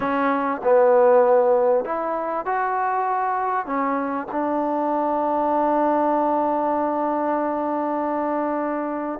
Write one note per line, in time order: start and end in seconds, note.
0.00 0.61 C#4
0.63 1.85 B3
1.85 2.45 E4
2.45 3.66 F#4
3.66 4.27 C#4
4.31 9.19 D4